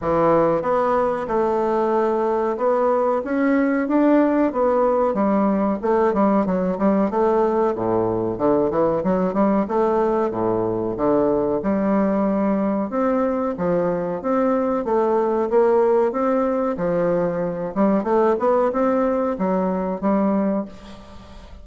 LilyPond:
\new Staff \with { instrumentName = "bassoon" } { \time 4/4 \tempo 4 = 93 e4 b4 a2 | b4 cis'4 d'4 b4 | g4 a8 g8 fis8 g8 a4 | a,4 d8 e8 fis8 g8 a4 |
a,4 d4 g2 | c'4 f4 c'4 a4 | ais4 c'4 f4. g8 | a8 b8 c'4 fis4 g4 | }